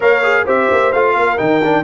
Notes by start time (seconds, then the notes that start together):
0.00 A#3 A#4 C#5 F5
0.23 G#4
0.45 C4 G4 C5 E5
0.71 A#3
0.92 A3 F4 F5
1.14 A#3 A#4
1.37 D#3 D#4 G5
1.63 D4